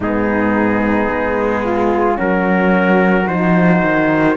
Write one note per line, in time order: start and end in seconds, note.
0.00 1.08 G#2
0.00 2.14 B3
0.00 1.63 D#4
0.00 2.19 G#4
1.08 2.17 G#3
1.63 2.16 F4
2.14 3.27 F#3
2.14 3.23 C#4
2.14 4.35 F#4
2.14 3.27 A#4
3.27 3.82 F3
3.27 4.36 D#4
3.27 4.36 C5
3.82 4.36 D#3